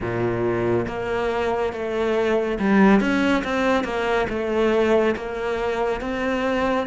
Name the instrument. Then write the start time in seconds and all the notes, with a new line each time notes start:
cello
0.00 A#2
0.86 A#3
1.72 A3
2.59 G3
3.00 C#4
3.44 C4
3.84 A#3
4.29 A3
5.15 A#3
6.00 C4